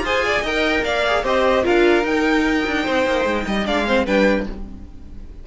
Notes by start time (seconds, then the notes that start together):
0.00 F4 G#4 C5
0.07 G#5
0.25 D5
0.41 D#4 A#4 D#5 G5
0.83 A#3 D5 F5
1.07 G#4
1.24 C4 G4 C5 D#5
1.63 D4 F4 A#4 F5
2.03 D#4 G5
2.66 D4
2.83 C4 C5
3.06 A#3
3.25 G#3
3.47 G3 D#5
3.66 G#3 D4 D5 F5
3.86 C4 C5
4.06 G3 D4 B4 G5